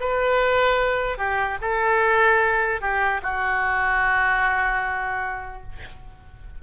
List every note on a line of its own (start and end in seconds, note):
0.00 1.18 B4
1.18 1.58 G4
1.61 2.81 A4
2.81 3.21 G4
3.22 5.62 F#4